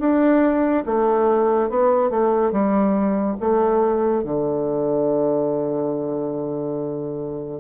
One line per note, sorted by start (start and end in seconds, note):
0.00 0.85 D4
0.86 1.69 A3
1.69 2.10 B3
2.10 2.52 A3
2.52 3.37 G3
3.41 4.24 A3
4.24 7.61 D3